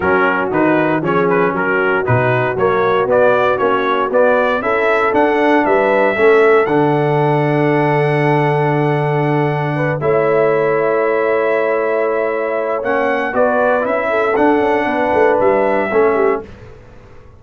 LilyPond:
<<
  \new Staff \with { instrumentName = "trumpet" } { \time 4/4 \tempo 4 = 117 ais'4 b'4 cis''8 b'8 ais'4 | b'4 cis''4 d''4 cis''4 | d''4 e''4 fis''4 e''4~ | e''4 fis''2.~ |
fis''2.~ fis''8 e''8~ | e''1~ | e''4 fis''4 d''4 e''4 | fis''2 e''2 | }
  \new Staff \with { instrumentName = "horn" } { \time 4/4 fis'2 gis'4 fis'4~ | fis'1~ | fis'4 a'2 b'4 | a'1~ |
a'2. b'8 cis''8~ | cis''1~ | cis''2 b'4. a'8~ | a'4 b'2 a'8 g'8 | }
  \new Staff \with { instrumentName = "trombone" } { \time 4/4 cis'4 dis'4 cis'2 | dis'4 ais4 b4 cis'4 | b4 e'4 d'2 | cis'4 d'2.~ |
d'2.~ d'8 e'8~ | e'1~ | e'4 cis'4 fis'4 e'4 | d'2. cis'4 | }
  \new Staff \with { instrumentName = "tuba" } { \time 4/4 fis4 dis4 f4 fis4 | b,4 fis4 b4 ais4 | b4 cis'4 d'4 g4 | a4 d2.~ |
d2.~ d8 a8~ | a1~ | a4 ais4 b4 cis'4 | d'8 cis'8 b8 a8 g4 a4 | }
>>